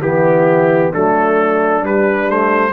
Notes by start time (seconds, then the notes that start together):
0.00 E3 B3 E4 G4
0.91 F#3 A3 D4 A4
1.81 G3 B4
2.27 A3 C5